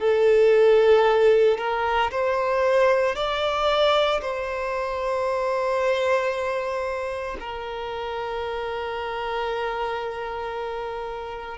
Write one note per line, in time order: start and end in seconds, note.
0.00 1.58 A4
1.58 2.11 A#4
2.11 3.15 C5
3.15 4.21 D5
4.22 7.37 C5
7.40 11.58 A#4